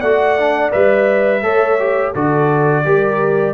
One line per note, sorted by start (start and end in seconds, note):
0.00 0.72 A3
0.00 0.39 F#4
0.00 1.41 D5
0.00 0.71 F#5
0.39 0.71 D4
0.71 1.42 G3
0.71 1.41 B4
0.71 2.13 E5
1.42 2.13 A3
1.42 1.78 A4
1.42 2.12 C#5
1.79 2.14 G4
2.12 2.85 D3
2.12 2.84 F#4
2.12 2.83 A4
2.12 3.54 D5
2.84 3.54 G3
2.84 3.54 G4
2.84 3.54 A#4